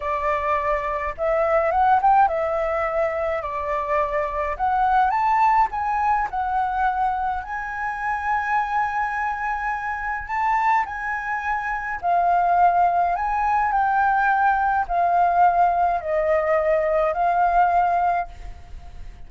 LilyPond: \new Staff \with { instrumentName = "flute" } { \time 4/4 \tempo 4 = 105 d''2 e''4 fis''8 g''8 | e''2 d''2 | fis''4 a''4 gis''4 fis''4~ | fis''4 gis''2.~ |
gis''2 a''4 gis''4~ | gis''4 f''2 gis''4 | g''2 f''2 | dis''2 f''2 | }